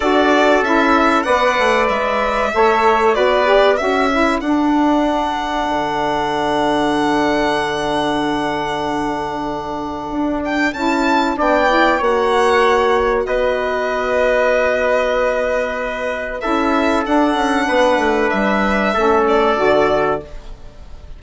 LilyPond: <<
  \new Staff \with { instrumentName = "violin" } { \time 4/4 \tempo 4 = 95 d''4 e''4 fis''4 e''4~ | e''4 d''4 e''4 fis''4~ | fis''1~ | fis''1~ |
fis''8 g''8 a''4 g''4 fis''4~ | fis''4 dis''2.~ | dis''2 e''4 fis''4~ | fis''4 e''4. d''4. | }
  \new Staff \with { instrumentName = "trumpet" } { \time 4/4 a'2 d''2 | cis''4 b'4 a'2~ | a'1~ | a'1~ |
a'2 d''4 cis''4~ | cis''4 b'2.~ | b'2 a'2 | b'2 a'2 | }
  \new Staff \with { instrumentName = "saxophone" } { \time 4/4 fis'4 e'4 b'2 | a'4 fis'8 g'8 fis'8 e'8 d'4~ | d'1~ | d'1~ |
d'4 e'4 d'8 e'8 fis'4~ | fis'1~ | fis'2 e'4 d'4~ | d'2 cis'4 fis'4 | }
  \new Staff \with { instrumentName = "bassoon" } { \time 4/4 d'4 cis'4 b8 a8 gis4 | a4 b4 cis'4 d'4~ | d'4 d2.~ | d1 |
d'4 cis'4 b4 ais4~ | ais4 b2.~ | b2 cis'4 d'8 cis'8 | b8 a8 g4 a4 d4 | }
>>